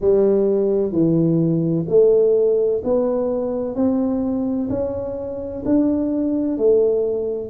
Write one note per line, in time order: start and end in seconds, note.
0.00 0.92 G3
0.92 1.85 E3
1.88 2.82 A3
2.84 3.75 B3
3.75 4.69 C4
4.69 5.63 C#4
5.65 6.57 D4
6.57 7.50 A3